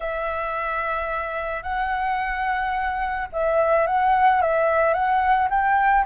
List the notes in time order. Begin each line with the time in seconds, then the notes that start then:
0.00 E5
1.62 F#5
3.32 E5
3.87 F#5
4.41 E5
4.93 F#5
5.49 G5